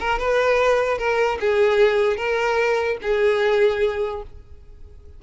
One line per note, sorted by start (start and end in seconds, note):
0.00 0.19 A#4
0.19 0.98 B4
0.98 1.39 A#4
1.40 2.17 G#4
2.17 2.98 A#4
3.02 4.23 G#4